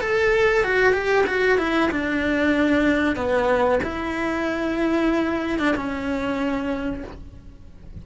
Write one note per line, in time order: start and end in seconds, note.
0.00 0.63 A4
0.63 0.93 F#4
0.93 1.24 G4
1.26 1.58 F#4
1.58 1.90 E4
1.91 3.15 D4
3.15 3.79 B3
3.83 5.59 E4
5.59 5.75 D4
5.75 7.03 C#4